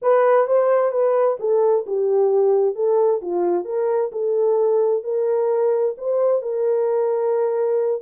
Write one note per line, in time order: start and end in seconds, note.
0.02 0.47 B4
0.47 0.91 C5
0.91 1.37 B4
1.39 1.85 A4
1.86 2.75 G4
2.75 3.21 A4
3.21 3.65 F4
3.65 4.10 A#4
4.12 5.03 A4
5.03 5.95 A#4
5.97 6.42 C5
6.42 8.01 A#4